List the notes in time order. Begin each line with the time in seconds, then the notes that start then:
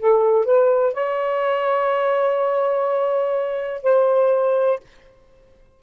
0.00 A4
0.46 B4
0.94 C#5
3.84 C5